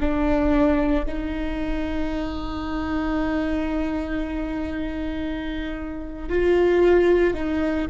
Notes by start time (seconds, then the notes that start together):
0.00 D4
1.05 D#4
6.29 F4
7.33 D#4